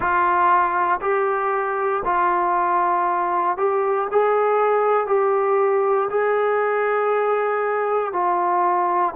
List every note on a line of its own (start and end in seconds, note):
0.00 1.00 F4
1.01 2.02 G4
2.04 3.57 F4
3.57 4.08 G4
4.11 5.07 G#4
5.07 6.08 G4
6.10 8.12 G#4
8.12 9.14 F4